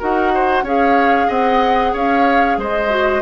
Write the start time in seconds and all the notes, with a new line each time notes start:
0.00 D#4 F#4 A#4 F#5
0.35 C5
0.63 C#4 G#4 C#5 F5
1.28 C4 D#5 F#5
1.93 C#4 C#5 F5
2.58 G#3 C5 D#5
2.90 F#4